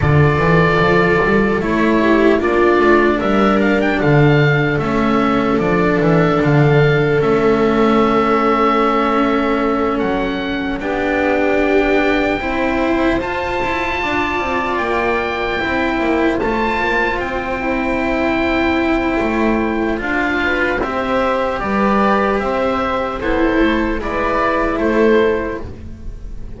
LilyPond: <<
  \new Staff \with { instrumentName = "oboe" } { \time 4/4 \tempo 4 = 75 d''2 cis''4 d''4 | e''8 f''16 g''16 f''4 e''4 d''8 e''8 | f''4 e''2.~ | e''8 fis''4 g''2~ g''8~ |
g''8 a''2 g''4.~ | g''8 a''4 g''2~ g''8~ | g''4 f''4 e''4 d''4 | e''4 c''4 d''4 c''4 | }
  \new Staff \with { instrumentName = "viola" } { \time 4/4 a'2~ a'8 g'8 f'4 | ais'4 a'2.~ | a'1~ | a'4. g'2 c''8~ |
c''4. d''2 c''8~ | c''1~ | c''4. b'8 c''4 b'4 | c''4 e'4 b'4 a'4 | }
  \new Staff \with { instrumentName = "cello" } { \time 4/4 f'2 e'4 d'4~ | d'2 cis'4 d'4~ | d'4 cis'2.~ | cis'4. d'2 e'8~ |
e'8 f'2. e'8~ | e'8 f'4. e'2~ | e'4 f'4 g'2~ | g'4 a'4 e'2 | }
  \new Staff \with { instrumentName = "double bass" } { \time 4/4 d8 e8 f8 g8 a4 ais8 a8 | g4 d4 a4 f8 e8 | d4 a2.~ | a8 fis4 b2 c'8~ |
c'8 f'8 e'8 d'8 c'8 ais4 c'8 | ais8 a8 ais8 c'2~ c'8 | a4 d'4 c'4 g4 | c'4 b8 a8 gis4 a4 | }
>>